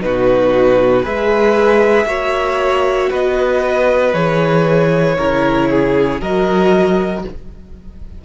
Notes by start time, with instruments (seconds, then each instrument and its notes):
0.00 cello B2, viola D#4, violin F#4 B4
1.02 cello G#3, viola G#4, violin B4 E5
2.05 cello A#3, viola F#4, violin C#5
3.09 cello B3, violin B4 D#5
4.13 cello E3, viola G#4, violin C#5
5.17 cello C#3, viola E4, violin A#4
5.70 violin G#4
6.20 cello F#3, viola F#4, violin A#4 D#5